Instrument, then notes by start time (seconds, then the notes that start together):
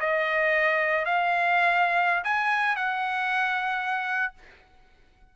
trumpet
0.00 D#5
1.05 F5
2.24 G#5
2.76 F#5